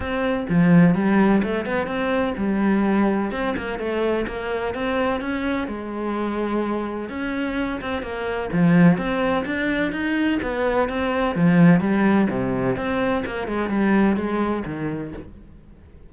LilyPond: \new Staff \with { instrumentName = "cello" } { \time 4/4 \tempo 4 = 127 c'4 f4 g4 a8 b8 | c'4 g2 c'8 ais8 | a4 ais4 c'4 cis'4 | gis2. cis'4~ |
cis'8 c'8 ais4 f4 c'4 | d'4 dis'4 b4 c'4 | f4 g4 c4 c'4 | ais8 gis8 g4 gis4 dis4 | }